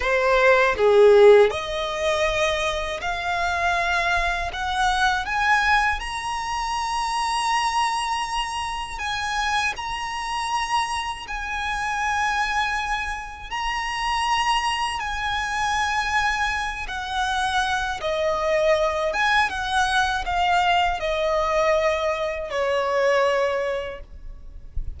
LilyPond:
\new Staff \with { instrumentName = "violin" } { \time 4/4 \tempo 4 = 80 c''4 gis'4 dis''2 | f''2 fis''4 gis''4 | ais''1 | gis''4 ais''2 gis''4~ |
gis''2 ais''2 | gis''2~ gis''8 fis''4. | dis''4. gis''8 fis''4 f''4 | dis''2 cis''2 | }